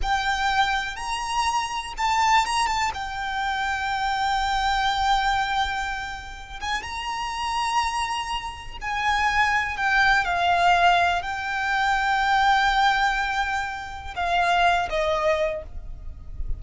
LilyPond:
\new Staff \with { instrumentName = "violin" } { \time 4/4 \tempo 4 = 123 g''2 ais''2 | a''4 ais''8 a''8 g''2~ | g''1~ | g''4. gis''8 ais''2~ |
ais''2 gis''2 | g''4 f''2 g''4~ | g''1~ | g''4 f''4. dis''4. | }